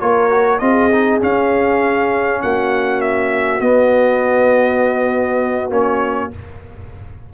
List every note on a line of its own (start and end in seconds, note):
0.00 0.62 A#3
0.00 0.30 F4
0.00 0.61 A#4
0.00 0.60 C#5
0.30 0.60 F#4
0.60 1.22 C4
0.60 0.91 F4
0.60 2.42 G#4
0.60 1.20 D#5
0.92 1.21 D#4
1.21 3.61 C#4
1.21 2.43 C#4
1.21 2.42 F5
2.42 3.61 A#3
2.42 6.34 F#4
2.42 3.02 F#5
3.02 3.61 E5
3.61 5.71 B3
3.61 5.71 D#5
5.71 6.31 A#3
5.71 6.31 C#4
5.71 6.32 C#5